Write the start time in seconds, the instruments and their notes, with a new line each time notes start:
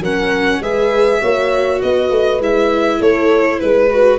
0.00 tuba F#3, viola C#4, horn A#4, violin F#5
0.61 tuba G#3, viola G#4, horn B4, violin E5
1.21 tuba A#3, viola F#4, horn C#5
1.82 tuba B3, horn B4, violin D#5
2.10 tuba A3
2.40 tuba G#3, viola E4, violin E5
3.00 tuba A3, horn A4, violin C#5
3.60 tuba G#3, violin B4, horn B4
3.90 viola F#4